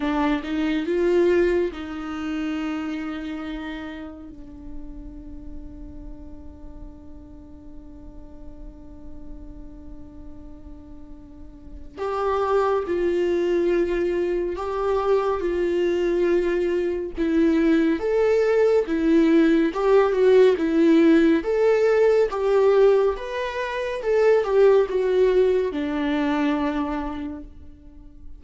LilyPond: \new Staff \with { instrumentName = "viola" } { \time 4/4 \tempo 4 = 70 d'8 dis'8 f'4 dis'2~ | dis'4 d'2.~ | d'1~ | d'2 g'4 f'4~ |
f'4 g'4 f'2 | e'4 a'4 e'4 g'8 fis'8 | e'4 a'4 g'4 b'4 | a'8 g'8 fis'4 d'2 | }